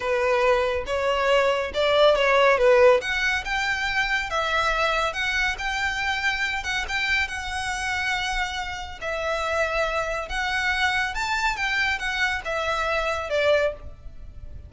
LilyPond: \new Staff \with { instrumentName = "violin" } { \time 4/4 \tempo 4 = 140 b'2 cis''2 | d''4 cis''4 b'4 fis''4 | g''2 e''2 | fis''4 g''2~ g''8 fis''8 |
g''4 fis''2.~ | fis''4 e''2. | fis''2 a''4 g''4 | fis''4 e''2 d''4 | }